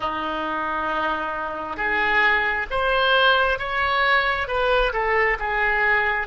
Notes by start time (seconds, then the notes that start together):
0.00 D#4
1.77 G#4
2.70 C5
3.58 C#5
4.47 B4
4.93 A4
5.39 G#4